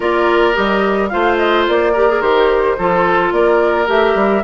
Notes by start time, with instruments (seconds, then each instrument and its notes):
0.00 bassoon A#3, clarinet F4, oboe A#4, flute D5
0.53 bassoon G3, clarinet G4, flute D#5
1.09 bassoon A3, clarinet F4, oboe C5, flute F5
1.37 flute D#5
1.67 bassoon A#3, flute D5
1.92 clarinet G4, oboe A#4
2.08 clarinet G#4
2.20 bassoon D#3, clarinet G4, flute C5
2.78 bassoon F3, clarinet F4, oboe A4
3.32 bassoon A#3, oboe A#4, flute D5
3.86 bassoon A3, clarinet G4, flute E5
4.14 bassoon G3